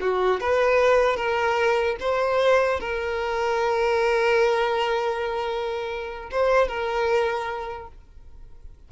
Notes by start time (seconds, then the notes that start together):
0.00 F#4
0.40 B4
1.16 A#4
2.00 C5
2.80 A#4
6.31 C5
6.68 A#4